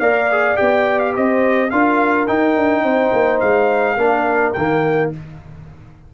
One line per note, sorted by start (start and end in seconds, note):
0.00 0.57 A#3
0.00 0.31 A#4
0.00 1.14 D5
0.00 0.57 F5
0.32 0.56 G#4
0.56 1.17 B3
0.56 1.69 G4
0.56 0.99 G5
0.99 1.13 F5
1.15 1.72 C4
1.15 1.71 C5
1.15 1.71 D#5
1.71 2.29 D4
1.71 2.28 F4
1.71 2.83 A#4
1.71 2.27 F5
2.28 3.98 D#4
2.28 2.56 D#4
2.28 3.40 G5
2.56 2.83 D4
2.83 3.12 C4
2.83 3.97 C5
3.13 3.41 A#3
3.40 3.97 G#3
3.40 4.53 F5
3.97 4.54 A#3
3.97 4.55 D4
3.97 5.11 A#4
4.53 5.14 D#3
4.53 5.14 A#3
4.53 5.10 G5